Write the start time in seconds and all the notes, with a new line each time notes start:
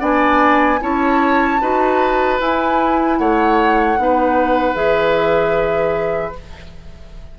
0.00 B3 D4 D5 G#5
0.81 C#4 E4 C#5 A5
1.61 D#4 F#4 B4
2.40 E4 G#5
3.18 A3 C#5 F#5
3.98 B3 D#4 B4
4.75 E3 G#4 E5